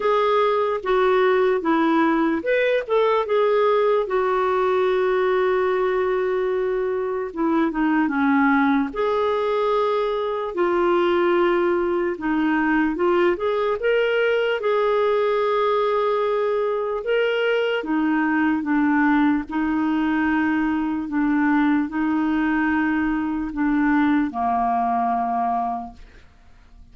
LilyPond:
\new Staff \with { instrumentName = "clarinet" } { \time 4/4 \tempo 4 = 74 gis'4 fis'4 e'4 b'8 a'8 | gis'4 fis'2.~ | fis'4 e'8 dis'8 cis'4 gis'4~ | gis'4 f'2 dis'4 |
f'8 gis'8 ais'4 gis'2~ | gis'4 ais'4 dis'4 d'4 | dis'2 d'4 dis'4~ | dis'4 d'4 ais2 | }